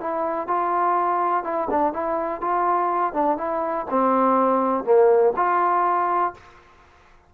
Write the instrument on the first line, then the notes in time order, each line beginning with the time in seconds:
trombone
0.00 E4
0.47 F4
1.44 E4
1.70 D4
1.93 E4
2.41 F4
3.13 D4
3.37 E4
3.90 C4
4.84 A#3
5.36 F4